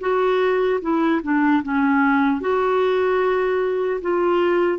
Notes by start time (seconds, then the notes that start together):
0.00 F#4
0.81 E4
1.23 D4
1.63 C#4
2.41 F#4
4.01 F4